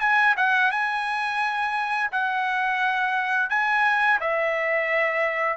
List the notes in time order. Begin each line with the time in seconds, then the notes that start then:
0.00 G#5
0.36 F#5
0.71 G#5
2.11 F#5
3.49 G#5
4.20 E5